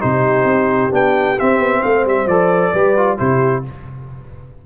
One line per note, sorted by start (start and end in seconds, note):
0.00 0.45 C3
0.00 0.91 D#4
0.00 1.83 G4
0.00 0.92 C5
0.45 0.90 C4
0.91 1.38 B3
0.91 1.36 D4
0.91 1.39 G5
1.39 2.30 C4
1.39 1.59 C4
1.39 1.83 E5
1.59 1.82 B3
1.83 2.06 A3
1.83 2.73 C5
1.83 2.06 F5
2.06 2.26 G3
2.06 2.28 E5
2.26 2.72 F3
2.26 2.75 A4
2.26 3.18 D5
2.73 3.19 G3
2.73 2.97 G4
2.73 3.18 B4
2.97 3.18 F4
3.18 3.66 C3
3.18 3.64 E4
3.18 3.64 G4
3.18 3.64 C5